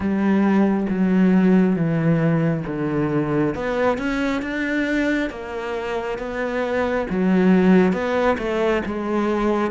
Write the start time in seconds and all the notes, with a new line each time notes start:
0.00 G3
0.89 F#3
1.76 E3
2.66 D3
3.54 B3
3.97 C#4
4.42 D4
5.29 A#3
6.18 B3
7.09 F#3
7.92 B3
8.38 A3
8.85 G#3